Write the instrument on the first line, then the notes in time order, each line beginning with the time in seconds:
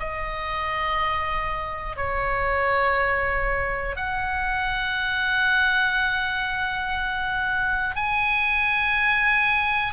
oboe
0.00 D#5
1.97 C#5
3.97 F#5
7.96 G#5